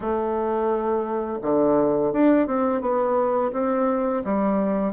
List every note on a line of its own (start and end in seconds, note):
0.00 1.39 A3
1.41 2.12 D3
2.12 2.47 D4
2.47 2.81 C4
2.81 3.51 B3
3.52 4.23 C4
4.24 4.93 G3